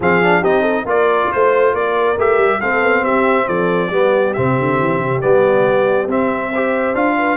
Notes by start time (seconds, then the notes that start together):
0.00 F3 C4 G#4 F5
0.22 D4
0.41 C4 D#4 G4 D#5
0.61 A4
0.85 A#3 F4 A#4 D5
1.31 A3 C5
1.73 A#3 A#4 D5
2.17 A3 G4 E5
2.37 G3
2.59 A3 C4 A4 F5
2.81 B3
3.02 C4 G4 E5
3.46 F3 A4 D5
3.90 G3 B3 G4
4.33 C3 C4 E5
4.59 D3
4.80 E3
4.98 C3
5.21 G3 B3 D5
6.06 C4 E5
6.50 G4 C5
6.94 D4 F4 F5
7.18 B4